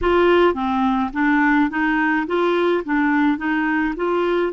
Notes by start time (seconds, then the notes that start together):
0.01 F4
0.54 C4
1.13 D4
1.70 D#4
2.26 F4
2.84 D4
3.37 D#4
3.96 F4